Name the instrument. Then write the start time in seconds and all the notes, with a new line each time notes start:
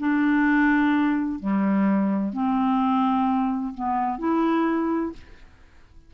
clarinet
0.00 D4
1.40 G3
2.34 C4
3.75 B3
4.19 E4